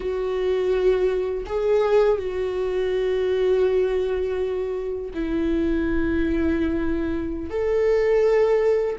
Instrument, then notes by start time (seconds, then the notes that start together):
viola
0.00 F#4
1.46 G#4
2.18 F#4
5.14 E4
7.50 A4